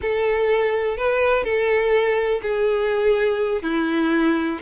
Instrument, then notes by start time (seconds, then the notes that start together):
violin
0.01 A4
0.97 B4
1.43 A4
2.42 G#4
3.62 E4